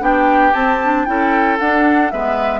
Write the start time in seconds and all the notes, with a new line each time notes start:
0.00 B3 D4 G4 G5
0.54 C4 A5
0.84 D4
1.05 C#4 E4 A4 G5
1.59 D4 F#5
2.11 G#3 B3 B4 E5